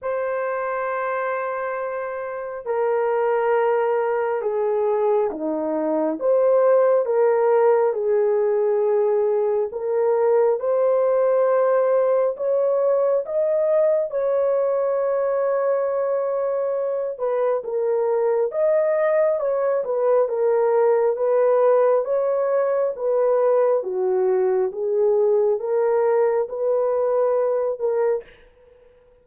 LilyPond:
\new Staff \with { instrumentName = "horn" } { \time 4/4 \tempo 4 = 68 c''2. ais'4~ | ais'4 gis'4 dis'4 c''4 | ais'4 gis'2 ais'4 | c''2 cis''4 dis''4 |
cis''2.~ cis''8 b'8 | ais'4 dis''4 cis''8 b'8 ais'4 | b'4 cis''4 b'4 fis'4 | gis'4 ais'4 b'4. ais'8 | }